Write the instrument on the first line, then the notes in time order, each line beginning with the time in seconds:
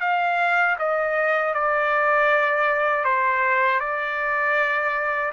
trumpet
0.00 F5
0.78 D#5
1.53 D5
3.04 C5
3.80 D5